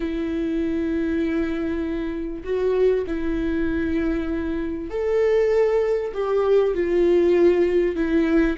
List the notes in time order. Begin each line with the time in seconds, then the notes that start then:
0.00 E4
2.44 F#4
3.06 E4
4.90 A4
6.13 G4
6.74 F4
7.95 E4